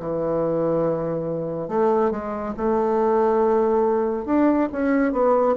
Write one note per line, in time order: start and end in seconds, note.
0.00 1.68 E3
1.68 2.11 A3
2.11 2.54 G#3
2.58 4.26 A3
4.26 4.69 D4
4.72 5.13 C#4
5.13 5.56 B3